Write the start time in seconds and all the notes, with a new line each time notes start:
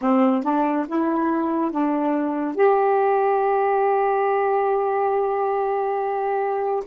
0.01 C4
0.43 D4
0.88 E4
1.71 D4
2.55 G4